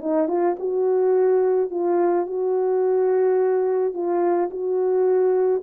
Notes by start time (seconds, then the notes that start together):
0.00 D#4
0.28 F4
0.59 F#4
1.71 F4
2.26 F#4
3.94 F4
4.50 F#4